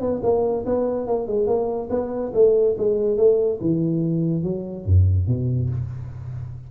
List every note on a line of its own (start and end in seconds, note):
0.00 0.21 B3
0.22 0.65 A#3
0.65 1.06 B3
1.06 1.27 A#3
1.27 1.47 G#3
1.47 1.89 A#3
1.90 2.32 B3
2.34 2.76 A3
2.78 3.17 G#3
3.17 3.59 A3
3.60 4.43 E3
4.43 4.85 F#3
4.85 5.27 F#2
5.27 5.69 B2